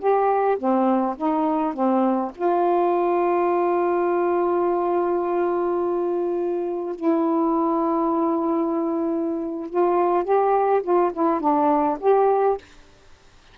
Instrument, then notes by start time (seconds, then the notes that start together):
saxophone
0.00 G4
0.59 C4
1.17 D#4
1.74 C4
2.36 F4
6.96 E4
9.70 F4
10.24 G4
10.83 F4
11.13 E4
11.41 D4
12.01 G4